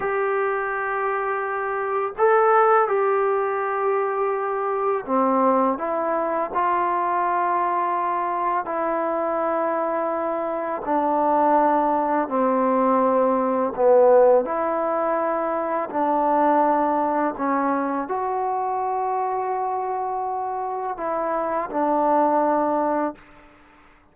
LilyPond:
\new Staff \with { instrumentName = "trombone" } { \time 4/4 \tempo 4 = 83 g'2. a'4 | g'2. c'4 | e'4 f'2. | e'2. d'4~ |
d'4 c'2 b4 | e'2 d'2 | cis'4 fis'2.~ | fis'4 e'4 d'2 | }